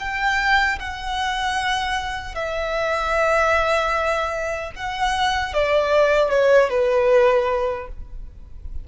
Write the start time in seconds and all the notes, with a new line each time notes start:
0.00 G5
0.79 F#5
2.35 E5
4.76 F#5
5.54 D5
6.31 C#5
6.70 B4